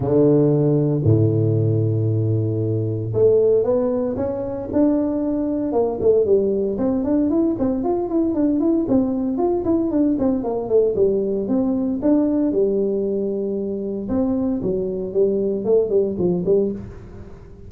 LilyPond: \new Staff \with { instrumentName = "tuba" } { \time 4/4 \tempo 4 = 115 d2 a,2~ | a,2 a4 b4 | cis'4 d'2 ais8 a8 | g4 c'8 d'8 e'8 c'8 f'8 e'8 |
d'8 e'8 c'4 f'8 e'8 d'8 c'8 | ais8 a8 g4 c'4 d'4 | g2. c'4 | fis4 g4 a8 g8 f8 g8 | }